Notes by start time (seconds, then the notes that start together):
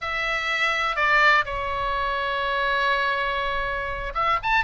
0.01 E5
0.96 D5
1.45 C#5
4.14 E5
4.43 A5